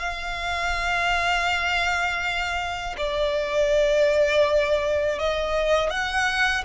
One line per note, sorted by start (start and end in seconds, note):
0.00 2.96 F5
2.98 5.19 D5
5.19 5.90 D#5
5.90 6.64 F#5